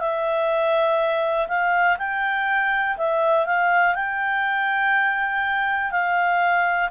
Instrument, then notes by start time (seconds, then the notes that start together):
clarinet
0.00 E5
1.48 F5
1.98 G5
2.97 E5
3.46 F5
3.95 G5
5.91 F5